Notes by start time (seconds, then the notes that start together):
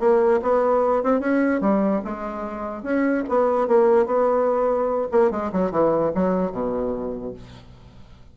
0.00 A#3
0.42 B3
1.04 C4
1.20 C#4
1.61 G3
2.05 G#3
2.83 C#4
3.29 B3
3.68 A#3
4.06 B3
5.12 A#3
5.31 G#3
5.53 F#3
5.71 E3
6.15 F#3
6.52 B2